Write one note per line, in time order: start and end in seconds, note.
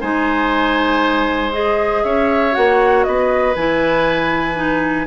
0.00 2.04 G#3
0.00 1.51 D#4
0.00 2.03 C5
0.00 1.53 G#5
1.51 2.52 G#4
1.51 2.03 D#5
2.03 2.55 C#4
2.03 3.06 C#5
2.03 2.54 E5
2.52 3.06 A#3
2.52 3.53 F#4
2.52 3.03 F#5
3.03 3.55 B3
3.03 5.07 B4
3.03 3.54 D#5
3.55 5.07 E3
3.55 4.55 E4
3.55 5.07 G#5
4.55 5.06 D#4